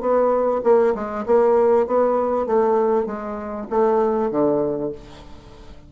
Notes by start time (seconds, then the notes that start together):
0.00 B3
0.63 A#3
0.94 G#3
1.26 A#3
1.86 B3
2.46 A3
3.06 G#3
3.70 A3
4.31 D3